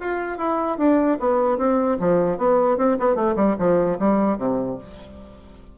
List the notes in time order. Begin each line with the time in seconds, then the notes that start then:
0.00 F4
0.37 E4
0.78 D4
1.20 B3
1.58 C4
1.99 F3
2.38 B3
2.77 C4
2.99 B3
3.15 A3
3.36 G3
3.58 F3
3.99 G3
4.37 C3